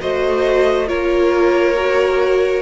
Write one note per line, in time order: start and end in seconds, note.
0.00 0.90 A3
0.00 0.87 F#4
0.00 0.88 C5
0.00 0.88 D#5
0.87 2.62 A#3
0.87 1.76 F4
0.87 2.62 A#4
0.87 2.62 C#5
1.76 2.62 F#4